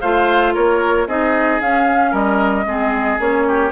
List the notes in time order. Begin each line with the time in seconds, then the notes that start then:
0.00 A3 F4 C5 F5
0.54 A#3 A#4 C#5
1.07 C4 D#4 G#4 D#5
1.61 C#4 F5
2.11 G3 A#4 D#5
2.65 G#3 C4 G#4
3.18 A#3 C#4 C#5
3.47 G4